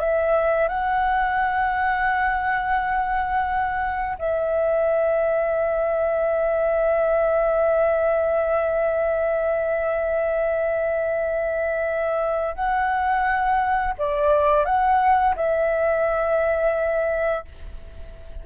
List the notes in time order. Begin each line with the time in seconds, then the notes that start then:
0.00 E5
0.69 F#5
4.19 E5
12.55 F#5
13.99 D5
14.66 F#5
15.36 E5